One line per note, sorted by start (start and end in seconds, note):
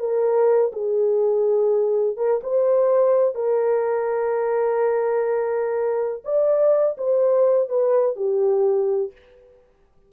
0.00 0.72 A#4
0.73 2.17 G#4
2.17 2.41 A#4
2.43 3.35 C5
3.35 6.23 A#4
6.25 6.97 D5
6.98 7.69 C5
7.69 8.16 B4
8.16 9.12 G4